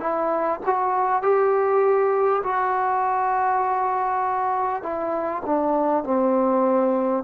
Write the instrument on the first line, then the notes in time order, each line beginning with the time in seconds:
trombone
0.00 E4
0.66 F#4
1.23 G4
2.44 F#4
4.83 E4
5.46 D4
6.04 C4